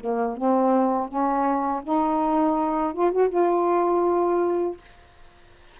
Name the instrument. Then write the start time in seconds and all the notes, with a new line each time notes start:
saxophone
0.00 A#3
0.37 C4
1.08 C#4
1.83 D#4
2.93 F4
3.11 F#4
3.29 F4